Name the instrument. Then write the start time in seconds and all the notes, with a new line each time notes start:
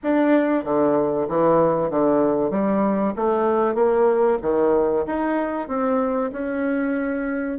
bassoon
0.03 D4
0.64 D3
1.28 E3
1.90 D3
2.50 G3
3.16 A3
3.74 A#3
4.42 D#3
5.06 D#4
5.68 C4
6.32 C#4